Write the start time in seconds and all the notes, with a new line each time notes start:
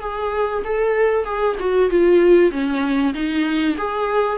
0.00 G#4
0.64 A4
1.25 G#4
1.59 F#4
1.90 F4
2.51 C#4
3.14 D#4
3.78 G#4